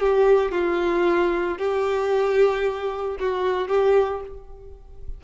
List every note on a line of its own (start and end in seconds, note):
0.00 0.51 G4
0.51 1.58 F4
1.58 3.17 G4
3.19 3.68 F#4
3.68 4.21 G4